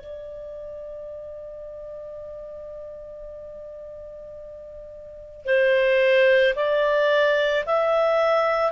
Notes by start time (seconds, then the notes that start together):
0.00 D5
5.45 C5
6.55 D5
7.65 E5